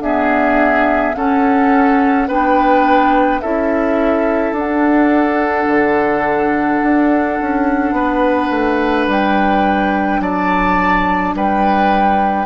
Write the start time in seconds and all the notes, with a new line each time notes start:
0.00 B3 D4 G#4 E5
1.14 C#4 A4 F#5
2.27 B3 D4 B4 G5
3.40 C#4 E4 A4 E5
4.52 D4 F#5
5.67 D3
6.83 D4
7.41 C#4
7.92 B3 B4
8.50 A3
9.07 G3 G5
10.20 F#3 D5 A5
11.34 G3 B4 G5